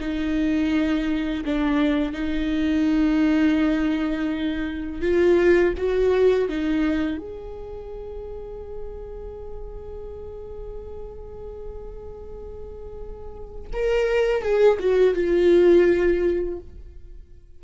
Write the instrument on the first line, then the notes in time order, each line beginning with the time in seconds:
viola
0.00 D#4
1.46 D4
2.13 D#4
5.02 F4
5.78 F#4
6.49 D#4
7.18 G#4
13.73 A#4
14.42 G#4
14.80 F#4
15.15 F4